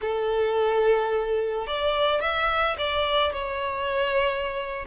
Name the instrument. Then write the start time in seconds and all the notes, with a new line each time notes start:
violin
0.01 A4
1.66 D5
2.20 E5
2.78 D5
3.32 C#5